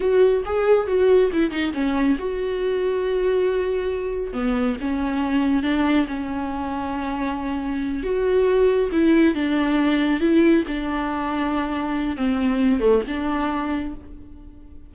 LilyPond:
\new Staff \with { instrumentName = "viola" } { \time 4/4 \tempo 4 = 138 fis'4 gis'4 fis'4 e'8 dis'8 | cis'4 fis'2.~ | fis'2 b4 cis'4~ | cis'4 d'4 cis'2~ |
cis'2~ cis'8 fis'4.~ | fis'8 e'4 d'2 e'8~ | e'8 d'2.~ d'8 | c'4. a8 d'2 | }